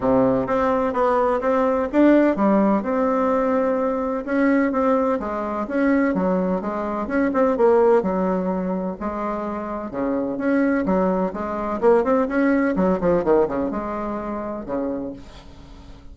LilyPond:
\new Staff \with { instrumentName = "bassoon" } { \time 4/4 \tempo 4 = 127 c4 c'4 b4 c'4 | d'4 g4 c'2~ | c'4 cis'4 c'4 gis4 | cis'4 fis4 gis4 cis'8 c'8 |
ais4 fis2 gis4~ | gis4 cis4 cis'4 fis4 | gis4 ais8 c'8 cis'4 fis8 f8 | dis8 cis8 gis2 cis4 | }